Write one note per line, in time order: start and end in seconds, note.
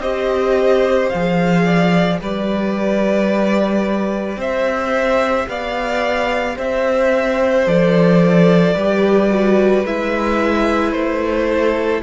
0.00 1.09 C4
0.00 1.12 G4
0.00 1.65 C5
0.00 1.09 D#5
1.09 2.21 F3
1.09 2.22 G#4
1.09 2.18 F5
1.65 2.20 D5
2.21 4.37 G3
2.21 7.67 G4
2.21 4.39 B4
2.21 4.41 D5
4.37 5.46 C4
4.37 5.48 C5
4.37 5.49 E5
5.48 6.57 B3
5.48 6.56 D5
5.48 6.58 F5
6.56 7.67 C4
6.56 8.73 C5
6.56 7.68 E5
7.67 8.76 F3
7.67 8.76 A4
7.67 9.86 D5
8.73 9.84 G3
8.73 9.31 G4
8.73 11.46 B4
9.31 9.85 F#4
9.84 10.93 G#3
9.84 12.03 E4
9.84 10.92 E5
10.92 12.02 A3
10.92 12.01 C5
11.49 12.03 A4